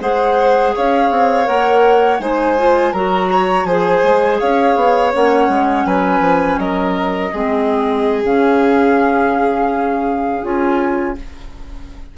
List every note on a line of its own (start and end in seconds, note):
0.00 0.74 G#3
0.00 1.45 G#4
0.00 0.75 C5
0.00 0.75 F#5
0.75 1.11 C#4
0.75 2.21 C#5
0.75 1.47 F5
1.11 1.48 C4
1.45 2.20 A#3
1.45 2.18 A#4
1.45 2.20 F#5
2.20 2.93 G#3
2.20 2.57 D#4
2.20 2.93 C5
2.20 2.93 G#5
2.58 2.94 F4
2.93 3.65 F#3
2.93 3.69 F#4
2.93 3.30 A#4
2.93 3.66 A#5
3.32 3.68 C#5
3.65 4.01 F3
3.65 5.13 G#4
3.65 4.41 C5
3.65 4.39 G#5
4.04 4.41 G#3
4.40 4.76 C#4
4.40 5.86 C#5
4.40 5.13 F5
4.76 5.13 B3
5.13 5.49 A#3
5.13 7.33 C#4
5.13 5.87 F#5
5.49 5.86 G#3
5.86 6.21 F#3
5.86 6.60 B4
5.86 6.59 G#5
6.21 6.57 F3
6.59 7.32 F#3
6.59 7.32 A#4
6.59 8.24 D#5
7.32 8.24 G#3
7.32 8.24 C4
7.32 11.16 G#4
8.24 10.44 C#3
8.24 10.43 C#4
8.24 10.45 F5
10.43 11.17 C#4
10.43 11.16 F4
10.43 11.18 G#5